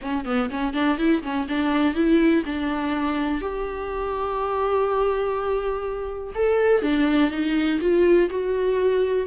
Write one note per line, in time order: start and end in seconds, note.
0.01 0.25 C#4
0.25 0.49 B3
0.50 0.73 C#4
0.73 0.98 D4
0.98 1.22 E4
1.22 1.47 C#4
1.48 1.94 D4
1.94 2.43 E4
2.45 3.41 D4
3.41 6.33 G4
6.34 6.82 A4
6.82 7.31 D4
7.31 7.79 D#4
7.80 8.29 F4
8.30 9.26 F#4